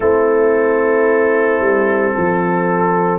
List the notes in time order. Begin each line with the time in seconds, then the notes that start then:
0.00 A3 C4 E4 A4
1.59 G3
2.13 F3 A4